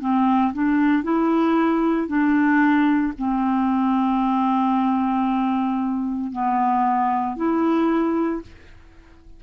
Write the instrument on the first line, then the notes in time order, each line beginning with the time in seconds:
clarinet
0.00 C4
0.53 D4
1.03 E4
2.07 D4
3.18 C4
6.32 B3
7.36 E4